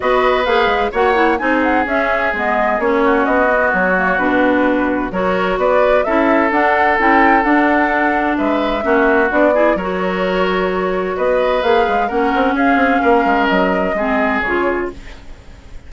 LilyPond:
<<
  \new Staff \with { instrumentName = "flute" } { \time 4/4 \tempo 4 = 129 dis''4 f''4 fis''4 gis''8 fis''8 | e''4 dis''4 cis''4 dis''4 | cis''4 b'2 cis''4 | d''4 e''4 fis''4 g''4 |
fis''2 e''2 | d''4 cis''2. | dis''4 f''4 fis''4 f''4~ | f''4 dis''2 cis''4 | }
  \new Staff \with { instrumentName = "oboe" } { \time 4/4 b'2 cis''4 gis'4~ | gis'2~ gis'8 fis'4.~ | fis'2. ais'4 | b'4 a'2.~ |
a'2 b'4 fis'4~ | fis'8 gis'8 ais'2. | b'2 ais'4 gis'4 | ais'2 gis'2 | }
  \new Staff \with { instrumentName = "clarinet" } { \time 4/4 fis'4 gis'4 fis'8 e'8 dis'4 | cis'4 b4 cis'4. b8~ | b8 ais8 d'2 fis'4~ | fis'4 e'4 d'4 e'4 |
d'2. cis'4 | d'8 e'8 fis'2.~ | fis'4 gis'4 cis'2~ | cis'2 c'4 f'4 | }
  \new Staff \with { instrumentName = "bassoon" } { \time 4/4 b4 ais8 gis8 ais4 c'4 | cis'4 gis4 ais4 b4 | fis4 b,2 fis4 | b4 cis'4 d'4 cis'4 |
d'2 gis4 ais4 | b4 fis2. | b4 ais8 gis8 ais8 c'8 cis'8 c'8 | ais8 gis8 fis4 gis4 cis4 | }
>>